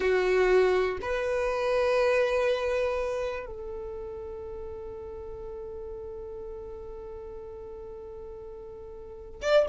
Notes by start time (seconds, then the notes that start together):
0.00 F#4
1.01 B4
3.46 A4
9.41 D5